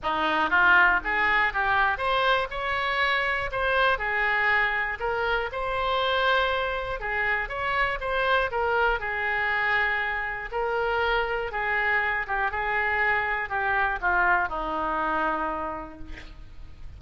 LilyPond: \new Staff \with { instrumentName = "oboe" } { \time 4/4 \tempo 4 = 120 dis'4 f'4 gis'4 g'4 | c''4 cis''2 c''4 | gis'2 ais'4 c''4~ | c''2 gis'4 cis''4 |
c''4 ais'4 gis'2~ | gis'4 ais'2 gis'4~ | gis'8 g'8 gis'2 g'4 | f'4 dis'2. | }